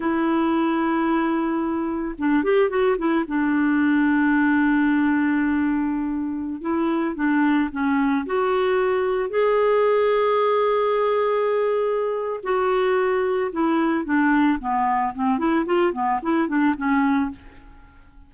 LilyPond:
\new Staff \with { instrumentName = "clarinet" } { \time 4/4 \tempo 4 = 111 e'1 | d'8 g'8 fis'8 e'8 d'2~ | d'1~ | d'16 e'4 d'4 cis'4 fis'8.~ |
fis'4~ fis'16 gis'2~ gis'8.~ | gis'2. fis'4~ | fis'4 e'4 d'4 b4 | c'8 e'8 f'8 b8 e'8 d'8 cis'4 | }